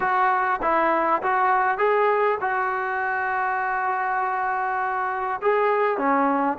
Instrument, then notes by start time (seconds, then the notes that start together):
trombone
0.00 F#4
0.61 E4
1.22 F#4
1.78 G#4
2.41 F#4
5.41 G#4
5.97 C#4